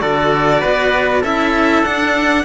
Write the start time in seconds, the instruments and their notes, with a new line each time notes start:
0.00 cello D3 F#4, trumpet A4, violin D5
0.60 cello B3, trumpet B4
1.21 cello C#4 E4, trumpet A4, violin E5
1.83 cello D4, violin F#5